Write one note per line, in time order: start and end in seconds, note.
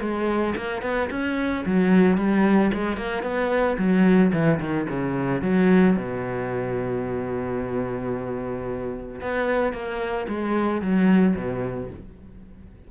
0.00 0.54 G#3
0.56 0.82 A#3
0.82 1.09 B3
1.10 1.64 C#4
1.65 2.17 F#3
2.17 2.71 G3
2.73 2.96 G#3
2.96 3.22 A#3
3.22 3.76 B3
3.77 4.31 F#3
4.32 4.59 E3
4.60 4.87 D#3
4.89 5.42 C#3
5.42 5.96 F#3
5.96 9.20 B2
9.21 9.72 B3
9.72 10.26 A#3
10.28 10.81 G#3
10.81 11.35 F#3
11.35 11.89 B2